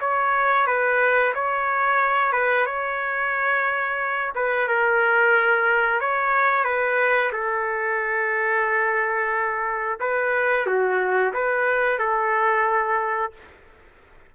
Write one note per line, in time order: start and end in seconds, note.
0.00 0.66 C#5
0.66 1.33 B4
1.34 2.32 C#5
2.32 2.65 B4
2.65 4.32 C#5
4.35 4.68 B4
4.68 6.00 A#4
6.00 6.64 C#5
6.64 7.31 B4
7.32 9.98 A4
10.00 10.66 B4
10.66 11.33 F#4
11.33 11.98 B4
11.98 13.32 A4